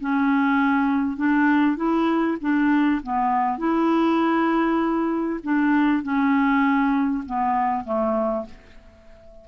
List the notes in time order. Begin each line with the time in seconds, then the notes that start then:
0.00 C#4
1.16 D4
1.76 E4
2.40 D4
3.02 B3
3.58 E4
5.43 D4
6.02 C#4
7.26 B3
7.84 A3